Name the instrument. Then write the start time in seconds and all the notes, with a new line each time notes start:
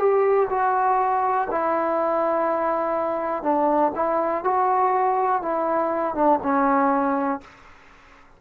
trombone
0.00 G4
0.50 F#4
1.51 E4
3.43 D4
3.96 E4
4.44 F#4
5.42 E4
6.15 D4
6.43 C#4